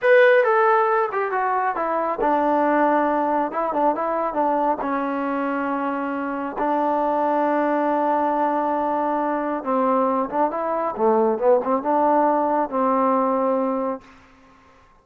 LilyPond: \new Staff \with { instrumentName = "trombone" } { \time 4/4 \tempo 4 = 137 b'4 a'4. g'8 fis'4 | e'4 d'2. | e'8 d'8 e'4 d'4 cis'4~ | cis'2. d'4~ |
d'1~ | d'2 c'4. d'8 | e'4 a4 b8 c'8 d'4~ | d'4 c'2. | }